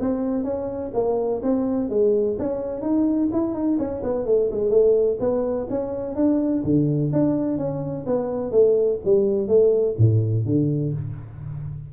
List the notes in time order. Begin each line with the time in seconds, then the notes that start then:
0.00 C4
0.44 C#4
0.94 A#3
1.42 C4
1.89 G#3
2.39 C#4
2.81 D#4
3.32 E4
3.54 D#4
3.78 C#4
4.03 B3
4.26 A3
4.51 G#3
4.70 A3
5.19 B3
5.70 C#4
6.15 D4
6.63 D3
7.13 D4
7.58 C#4
8.06 B3
8.51 A3
9.04 G3
9.48 A3
9.98 A2
10.45 D3